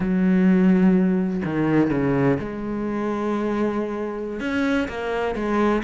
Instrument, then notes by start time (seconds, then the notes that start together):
cello
0.00 F#3
1.44 D#3
1.90 C#3
2.39 G#3
4.40 C#4
4.88 A#3
5.35 G#3